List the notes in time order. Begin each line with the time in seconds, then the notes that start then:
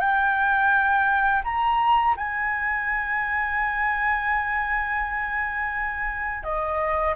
0.00 G5
1.44 A#5
2.17 G#5
6.44 D#5